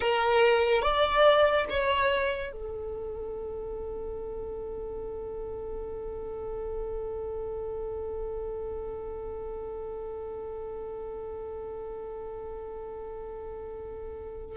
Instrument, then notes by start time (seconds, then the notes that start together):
violin
0.00 A#4
0.81 D5
1.69 C#5
2.52 A4